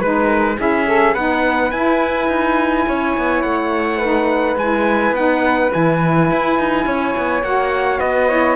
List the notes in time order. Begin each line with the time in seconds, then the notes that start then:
0.00 G#3 D#4 B4
0.26 A#4
0.58 C#4 E4 G#4 E5
0.86 A4
1.14 B3 D#4 B4 F#5
1.71 E4 G#5
2.28 D#4
2.87 C#4 C#5
3.17 B3
3.42 A3 F#5
3.97 D#4 B4
4.55 G#3 E4 G#5
5.11 B3 D#4 F#5
5.70 E3 E4 G#5
6.31 E4
6.58 D#4
6.86 C#4 C#5
7.17 B3
7.42 A#3 F#4 F#5
7.99 B3 B4 D#5
8.28 E4 C#5